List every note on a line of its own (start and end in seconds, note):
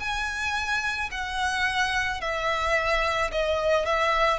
0.00 1.10 G#5
1.12 2.21 F#5
2.21 3.31 E5
3.32 3.86 D#5
3.86 4.39 E5